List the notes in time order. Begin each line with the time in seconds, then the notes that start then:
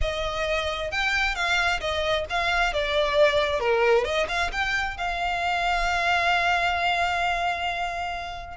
0.01 D#5
0.91 G5
1.35 F5
1.80 D#5
2.29 F5
2.73 D5
3.60 A#4
4.04 D#5
4.28 F5
4.52 G5
4.97 F5